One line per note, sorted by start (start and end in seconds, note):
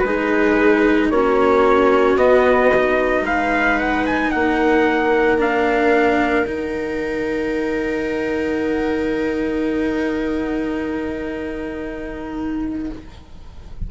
0.00 1.10 G#3
0.00 1.12 G#4
0.00 1.07 B4
0.06 1.13 D#4
1.10 2.15 A#3
1.10 2.18 C#4
1.10 3.25 F#4
1.10 2.17 C#5
2.15 3.21 B3
2.15 2.72 B3
2.15 3.25 D#5
2.76 5.38 D#4
3.21 4.28 G#3
3.21 4.32 B4
3.21 3.79 F5
3.79 4.06 F#5
4.06 4.31 G#5
4.31 6.47 A#3
4.31 12.91 A#4
4.31 5.38 F#5
5.38 6.46 D4
5.38 6.48 F5
6.47 12.90 D#3
6.47 12.90 D#4
6.47 12.91 F#5